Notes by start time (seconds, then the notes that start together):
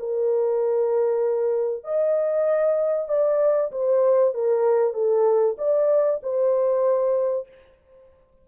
0.00 A#4
1.85 D#5
3.09 D5
3.72 C5
4.34 A#4
4.94 A4
5.59 D5
6.23 C5